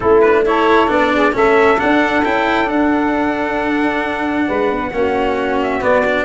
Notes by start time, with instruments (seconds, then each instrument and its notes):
0.00 tuba A3, cello C#4, saxophone E4, trumpet A4
0.20 cello D4, trumpet B4
0.45 cello E4, saxophone A4, trumpet C#5
0.87 tuba B3, cello D4, trumpet D5
1.13 saxophone G#4
1.32 tuba A3, cello C#4, saxophone A4, trumpet E5
1.77 cello D4, tuba D4, trumpet F#5
2.24 tuba C#4, cello E4, trumpet G5
2.64 cello D4, tuba D4, trumpet F#5
4.47 tuba G#3, saxophone B4
4.70 tuba B3
4.92 tuba A#3, cello C#4, saxophone F#4
5.61 trumpet E5
5.80 cello B3, tuba B3, trumpet D5
6.05 cello D4